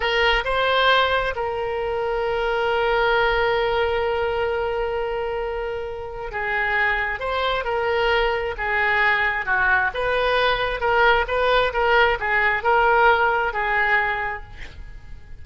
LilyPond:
\new Staff \with { instrumentName = "oboe" } { \time 4/4 \tempo 4 = 133 ais'4 c''2 ais'4~ | ais'1~ | ais'1~ | ais'2 gis'2 |
c''4 ais'2 gis'4~ | gis'4 fis'4 b'2 | ais'4 b'4 ais'4 gis'4 | ais'2 gis'2 | }